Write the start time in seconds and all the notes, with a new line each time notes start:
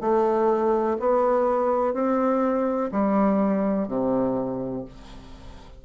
0.00 A3
0.99 B3
1.93 C4
2.91 G3
3.88 C3